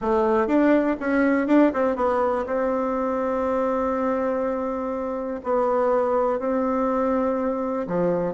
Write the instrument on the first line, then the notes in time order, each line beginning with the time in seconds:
bassoon
0.01 A3
0.47 D4
0.99 C#4
1.47 D4
1.73 C4
1.96 B3
2.45 C4
5.43 B3
6.39 C4
7.87 F3